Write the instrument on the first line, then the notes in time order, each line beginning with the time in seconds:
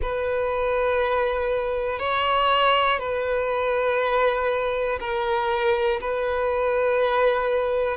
violin
0.01 B4
1.99 C#5
2.99 B4
5.00 A#4
6.00 B4